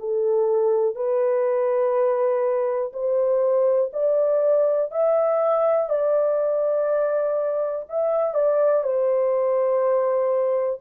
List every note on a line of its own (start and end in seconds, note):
0.00 0.96 A4
0.96 2.92 B4
2.94 3.92 C5
3.93 4.92 D5
4.92 5.90 E5
5.90 7.86 D5
7.90 8.35 E5
8.35 8.84 D5
8.84 10.81 C5